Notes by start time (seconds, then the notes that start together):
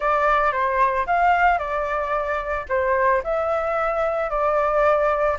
0.00 D5
0.52 C5
1.06 F5
1.58 D5
2.69 C5
3.23 E5
4.30 D5